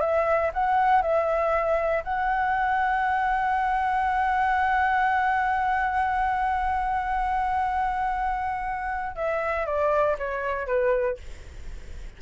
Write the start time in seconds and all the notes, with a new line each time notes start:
0.00 E5
0.53 F#5
1.02 E5
2.04 F#5
9.15 E5
9.66 D5
10.18 C#5
10.67 B4